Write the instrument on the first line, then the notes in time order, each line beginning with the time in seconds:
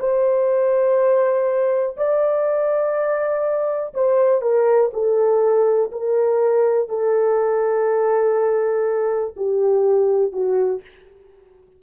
horn
0.00 C5
1.97 D5
3.94 C5
4.42 A#4
4.94 A4
5.92 A#4
6.89 A4
9.37 G4
10.33 F#4